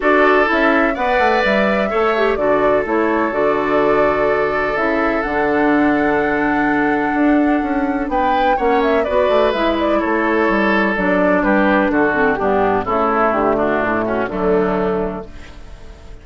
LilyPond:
<<
  \new Staff \with { instrumentName = "flute" } { \time 4/4 \tempo 4 = 126 d''4 e''4 fis''4 e''4~ | e''4 d''4 cis''4 d''4~ | d''2 e''4 fis''4~ | fis''1~ |
fis''4 g''4 fis''8 e''8 d''4 | e''8 d''8 cis''2 d''4 | b'4 a'4 g'4 a'4 | g'8 fis'8 e'8 fis'8 d'2 | }
  \new Staff \with { instrumentName = "oboe" } { \time 4/4 a'2 d''2 | cis''4 a'2.~ | a'1~ | a'1~ |
a'4 b'4 cis''4 b'4~ | b'4 a'2. | g'4 fis'4 d'4 e'4~ | e'8 d'4 cis'8 a2 | }
  \new Staff \with { instrumentName = "clarinet" } { \time 4/4 fis'4 e'4 b'2 | a'8 g'8 fis'4 e'4 fis'4~ | fis'2 e'4 d'4~ | d'1~ |
d'2 cis'4 fis'4 | e'2. d'4~ | d'4. c'8 b4 a4~ | a2 fis2 | }
  \new Staff \with { instrumentName = "bassoon" } { \time 4/4 d'4 cis'4 b8 a8 g4 | a4 d4 a4 d4~ | d2 cis4 d4~ | d2. d'4 |
cis'4 b4 ais4 b8 a8 | gis4 a4 g4 fis4 | g4 d4 g,4 cis4 | d4 a,4 d2 | }
>>